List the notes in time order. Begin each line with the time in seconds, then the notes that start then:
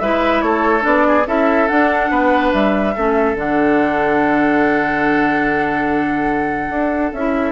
0.00 G#3 E4 B4 E5
0.42 A3 A4 C#5
0.81 B3 D4 D5
1.08 G#4
1.27 C#4 E4 A4 E5
1.68 D4 F#5
2.11 B3 B4
2.53 G3 E5
2.96 A3 C#4 A4
3.35 D3 D4 F#5
6.70 D4
7.13 C#4 E4 E5